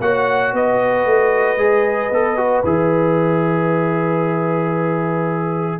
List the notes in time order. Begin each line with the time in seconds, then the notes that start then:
0.00 A#3 F#4 C#5 F#5
0.52 B3 B4 D#5
1.05 A3
1.57 G#3 G#4
2.10 B3 A4
2.37 F#4
2.63 E3 G#4 E5